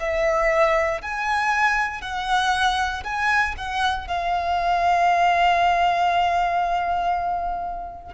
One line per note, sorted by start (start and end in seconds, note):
0.00 1.02 E5
1.02 2.02 G#5
2.02 3.04 F#5
3.04 3.55 G#5
3.58 4.08 F#5
4.08 8.14 F5